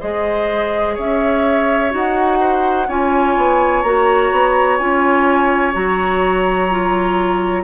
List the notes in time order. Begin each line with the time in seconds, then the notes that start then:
0.00 G#3 G#4 C5 D#5
0.94 C#4 C#5 E5
1.90 D#4 F#4 F#5
2.40 C5
2.87 C#4 F4 C#5 G#5
3.37 B3
3.82 A#3 F#4 A#5
4.31 B3
4.78 C#4 F4 G#5
5.72 F#3 F#4 A#5
6.70 F4